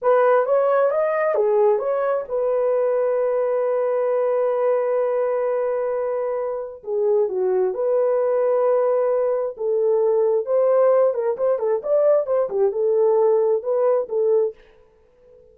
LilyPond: \new Staff \with { instrumentName = "horn" } { \time 4/4 \tempo 4 = 132 b'4 cis''4 dis''4 gis'4 | cis''4 b'2.~ | b'1~ | b'2. gis'4 |
fis'4 b'2.~ | b'4 a'2 c''4~ | c''8 ais'8 c''8 a'8 d''4 c''8 g'8 | a'2 b'4 a'4 | }